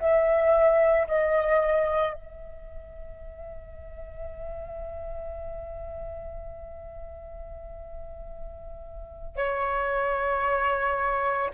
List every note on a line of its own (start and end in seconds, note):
0.00 1.07 E5
1.08 2.14 D#5
2.14 9.37 E5
9.37 11.51 C#5